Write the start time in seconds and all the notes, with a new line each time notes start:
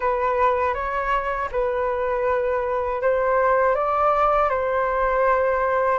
0.00 B4
0.74 C#5
1.51 B4
3.01 C5
3.75 D5
4.49 C5